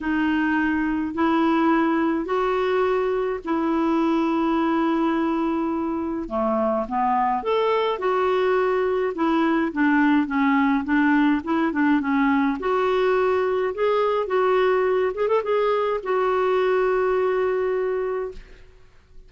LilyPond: \new Staff \with { instrumentName = "clarinet" } { \time 4/4 \tempo 4 = 105 dis'2 e'2 | fis'2 e'2~ | e'2. a4 | b4 a'4 fis'2 |
e'4 d'4 cis'4 d'4 | e'8 d'8 cis'4 fis'2 | gis'4 fis'4. gis'16 a'16 gis'4 | fis'1 | }